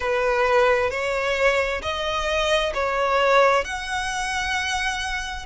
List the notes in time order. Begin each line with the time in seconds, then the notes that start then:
0.00 B4
0.90 C#5
1.82 D#5
2.74 C#5
3.64 F#5